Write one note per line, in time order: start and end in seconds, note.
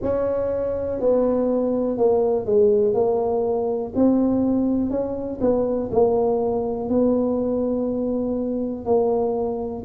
0.01 1.00 C#4
1.00 1.97 B3
1.97 2.45 A#3
2.45 2.94 G#3
2.94 3.92 A#3
3.95 4.90 C4
4.90 5.39 C#4
5.41 5.90 B3
5.91 6.89 A#3
6.89 8.85 B3
8.85 9.83 A#3